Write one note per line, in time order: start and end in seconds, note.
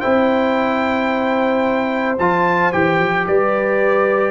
0.00 2.19 C4
0.00 2.18 E4
0.00 3.26 C5
0.00 2.16 G5
2.18 2.73 F3
2.18 2.73 F4
2.18 2.73 A5
2.73 2.99 E3
2.73 4.31 G4
2.73 3.27 G5
2.99 3.26 F3
3.27 4.31 G3
3.27 4.31 B4
3.27 4.31 D5